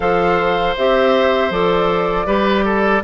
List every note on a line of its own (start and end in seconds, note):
0.00 0.75 F3
0.00 0.76 A4
0.00 2.26 C5
0.00 0.75 F5
0.76 1.50 C4
0.76 1.51 G4
0.76 1.52 E5
1.50 2.26 F3
1.50 2.26 A4
1.50 3.03 D5
2.26 3.02 G3
2.26 3.02 G4
2.26 2.64 B4
2.65 3.03 A4